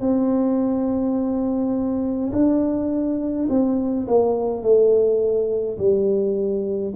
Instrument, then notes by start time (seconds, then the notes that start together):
tuba
0.00 C4
2.32 D4
3.49 C4
4.08 A#3
4.63 A3
5.78 G3